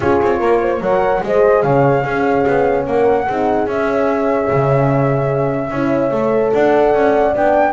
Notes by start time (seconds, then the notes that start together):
0.00 C#4 F4 G#4 C#5
0.21 C4
0.39 A#3 A#4
0.61 C5
0.80 F#3 A#4 C#5 F#5
1.22 G#3 G#4 C5 D#5
1.62 C#3 C#5 F5
2.02 C#4 G#4
2.47 B3
2.85 A#3 A#4 F#5
3.26 C4 D#4 G#4
3.66 C#4 E5
4.50 C#3
5.70 C#4 E4 C#5
6.10 A3 A4
6.52 D4 D5 F#5
6.93 C#4
7.35 B3 D4 G5